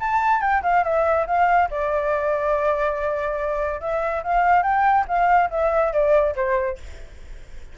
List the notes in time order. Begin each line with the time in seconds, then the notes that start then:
0.00 A5
0.41 G5
0.63 F5
0.84 E5
1.27 F5
1.71 D5
3.81 E5
4.23 F5
4.63 G5
5.08 F5
5.50 E5
5.93 D5
6.36 C5